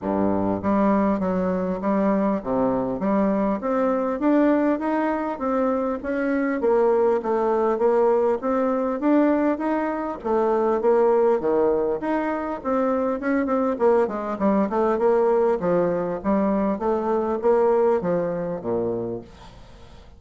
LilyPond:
\new Staff \with { instrumentName = "bassoon" } { \time 4/4 \tempo 4 = 100 g,4 g4 fis4 g4 | c4 g4 c'4 d'4 | dis'4 c'4 cis'4 ais4 | a4 ais4 c'4 d'4 |
dis'4 a4 ais4 dis4 | dis'4 c'4 cis'8 c'8 ais8 gis8 | g8 a8 ais4 f4 g4 | a4 ais4 f4 ais,4 | }